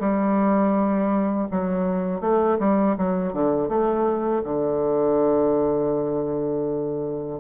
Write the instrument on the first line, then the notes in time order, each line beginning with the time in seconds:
bassoon
0.00 G3
1.51 F#3
2.21 A3
2.59 G3
2.97 F#3
3.33 D3
3.69 A3
4.44 D3